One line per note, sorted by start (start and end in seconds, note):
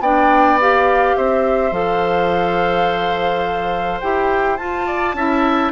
0.00 1.14 B3
0.00 0.60 D4
0.00 1.16 D5
0.00 0.59 G5
0.60 1.72 G4
0.60 1.16 F5
1.16 1.71 C4
1.16 4.87 C5
1.16 1.73 E5
1.71 4.00 F3
1.71 4.01 A4
1.71 4.00 F5
4.00 4.59 E4
4.00 4.58 G4
4.00 4.57 G5
4.57 5.15 F4
4.57 5.14 F4
4.57 5.71 A5
4.87 5.15 D5
5.14 5.71 C#4
5.14 5.71 E4
5.14 5.71 E5